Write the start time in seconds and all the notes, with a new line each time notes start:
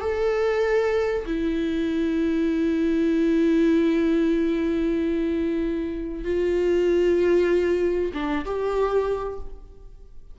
0.00 A4
1.26 E4
6.24 F4
8.13 D4
8.45 G4